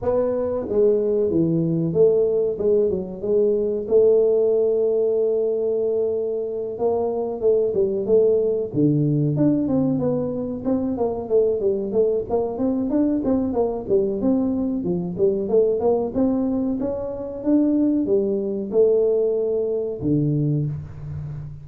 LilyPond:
\new Staff \with { instrumentName = "tuba" } { \time 4/4 \tempo 4 = 93 b4 gis4 e4 a4 | gis8 fis8 gis4 a2~ | a2~ a8 ais4 a8 | g8 a4 d4 d'8 c'8 b8~ |
b8 c'8 ais8 a8 g8 a8 ais8 c'8 | d'8 c'8 ais8 g8 c'4 f8 g8 | a8 ais8 c'4 cis'4 d'4 | g4 a2 d4 | }